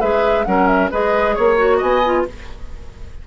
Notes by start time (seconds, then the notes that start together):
0.00 G#3 G#4 B4 E5
0.45 F#3 C#4 A#4 F#5
0.67 E5
0.91 G#3 G#4 B4 D#5
1.35 A#3 C#5
1.57 F#4
1.77 B3 D#5 G#5
2.05 F4